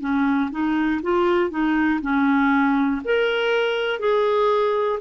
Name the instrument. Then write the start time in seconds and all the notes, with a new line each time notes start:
clarinet
0.00 C#4
0.51 D#4
1.02 F4
1.50 D#4
2.01 C#4
3.05 A#4
4.00 G#4